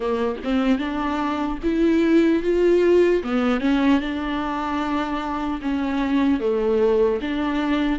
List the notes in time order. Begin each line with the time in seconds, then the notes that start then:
0.00 A#3
0.44 C4
0.78 D4
1.63 E4
2.42 F4
3.23 B3
3.60 C#4
4.00 D4
5.61 C#4
6.40 A3
7.21 D4